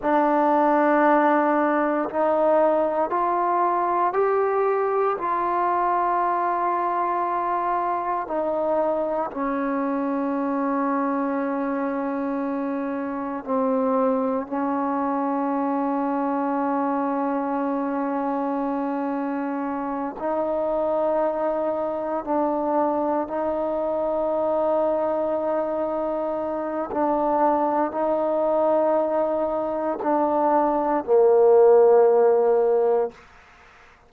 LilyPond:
\new Staff \with { instrumentName = "trombone" } { \time 4/4 \tempo 4 = 58 d'2 dis'4 f'4 | g'4 f'2. | dis'4 cis'2.~ | cis'4 c'4 cis'2~ |
cis'2.~ cis'8 dis'8~ | dis'4. d'4 dis'4.~ | dis'2 d'4 dis'4~ | dis'4 d'4 ais2 | }